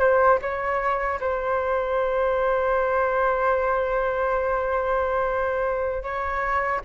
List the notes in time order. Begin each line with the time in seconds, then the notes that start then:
0.00 C5
0.42 C#5
1.20 C5
6.03 C#5